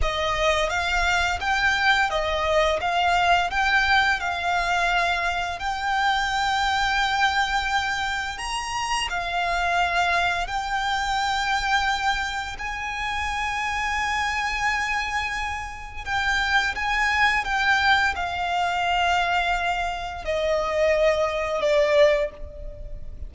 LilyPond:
\new Staff \with { instrumentName = "violin" } { \time 4/4 \tempo 4 = 86 dis''4 f''4 g''4 dis''4 | f''4 g''4 f''2 | g''1 | ais''4 f''2 g''4~ |
g''2 gis''2~ | gis''2. g''4 | gis''4 g''4 f''2~ | f''4 dis''2 d''4 | }